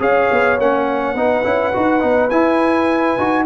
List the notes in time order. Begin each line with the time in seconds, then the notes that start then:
0.00 C#4 G#4 C#5 F5
0.32 B3
0.59 A#3 C#4 F#5
1.15 B3 D#4 B4
1.44 C#4 E4
1.73 D#4 F#4
2.01 B3 D#4
2.30 E4 G#5
3.18 D#4 F#4